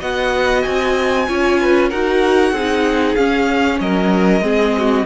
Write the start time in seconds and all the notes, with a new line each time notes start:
0.00 B3 F#4 D#5 F#5
0.63 C4 G#5
1.29 C#4 F4 C#5
1.61 B4
1.90 D#4 F#4 A#4 F#5
2.52 C4 D#4 G#4
3.16 C#4 F5
3.80 F#3 A#4 D#5
4.41 G#3 C4 G#4
4.78 F#4